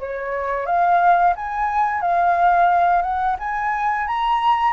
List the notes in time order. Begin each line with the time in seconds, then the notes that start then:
0.00 C#5
0.66 F5
1.36 G#5
2.01 F5
3.02 F#5
3.39 G#5
4.08 A#5